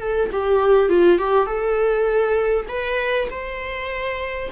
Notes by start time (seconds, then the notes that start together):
0.00 A4
0.32 G4
0.89 F4
1.18 G4
1.46 A4
2.68 B4
3.30 C5